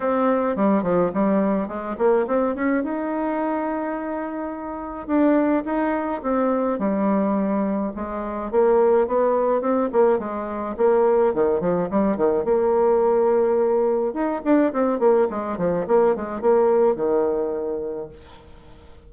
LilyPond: \new Staff \with { instrumentName = "bassoon" } { \time 4/4 \tempo 4 = 106 c'4 g8 f8 g4 gis8 ais8 | c'8 cis'8 dis'2.~ | dis'4 d'4 dis'4 c'4 | g2 gis4 ais4 |
b4 c'8 ais8 gis4 ais4 | dis8 f8 g8 dis8 ais2~ | ais4 dis'8 d'8 c'8 ais8 gis8 f8 | ais8 gis8 ais4 dis2 | }